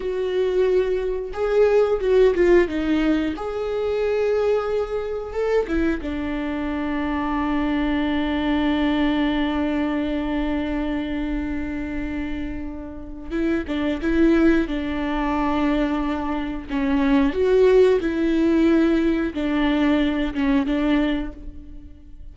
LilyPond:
\new Staff \with { instrumentName = "viola" } { \time 4/4 \tempo 4 = 90 fis'2 gis'4 fis'8 f'8 | dis'4 gis'2. | a'8 e'8 d'2.~ | d'1~ |
d'1 | e'8 d'8 e'4 d'2~ | d'4 cis'4 fis'4 e'4~ | e'4 d'4. cis'8 d'4 | }